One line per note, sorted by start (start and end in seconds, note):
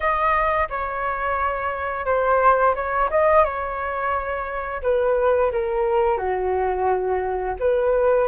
0.00 0.68 D#5
0.69 2.05 C#5
2.05 2.74 C5
2.75 3.09 C#5
3.10 3.44 D#5
3.44 4.82 C#5
4.82 5.51 B4
5.52 6.17 A#4
6.17 7.55 F#4
7.59 8.28 B4